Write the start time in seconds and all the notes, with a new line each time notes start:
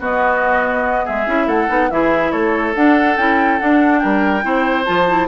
0.00 B3 F#4 D#5
1.05 G#3 G#4 E5
1.27 C#4 E4
1.47 A3 A4 F#5
1.68 B3 D#4
1.91 E3 E4 G#4 E5
2.32 A3 A4 C#5
2.75 D4 F#5
3.17 C#4 E4 G5
3.60 D4 F#5
3.99 G3 A#4 G5
4.43 C4 E4 C5
4.86 F3 F4 A5
5.08 E4